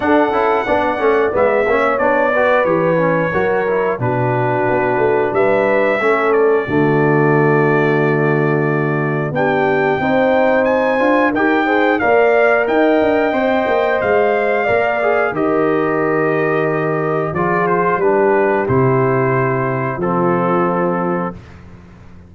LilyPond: <<
  \new Staff \with { instrumentName = "trumpet" } { \time 4/4 \tempo 4 = 90 fis''2 e''4 d''4 | cis''2 b'2 | e''4. d''2~ d''8~ | d''2 g''2 |
gis''4 g''4 f''4 g''4~ | g''4 f''2 dis''4~ | dis''2 d''8 c''8 b'4 | c''2 a'2 | }
  \new Staff \with { instrumentName = "horn" } { \time 4/4 a'4 d''4. cis''4 b'8~ | b'4 ais'4 fis'2 | b'4 a'4 fis'2~ | fis'2 g'4 c''4~ |
c''4 ais'8 c''8 d''4 dis''4~ | dis''2 d''4 ais'4~ | ais'2 gis'4 g'4~ | g'2 f'2 | }
  \new Staff \with { instrumentName = "trombone" } { \time 4/4 d'8 e'8 d'8 cis'8 b8 cis'8 d'8 fis'8 | g'8 cis'8 fis'8 e'8 d'2~ | d'4 cis'4 a2~ | a2 d'4 dis'4~ |
dis'8 f'8 g'8 gis'8 ais'2 | c''2 ais'8 gis'8 g'4~ | g'2 f'4 d'4 | e'2 c'2 | }
  \new Staff \with { instrumentName = "tuba" } { \time 4/4 d'8 cis'8 b8 a8 gis8 ais8 b4 | e4 fis4 b,4 b8 a8 | g4 a4 d2~ | d2 b4 c'4~ |
c'8 d'8 dis'4 ais4 dis'8 d'8 | c'8 ais8 gis4 ais4 dis4~ | dis2 f4 g4 | c2 f2 | }
>>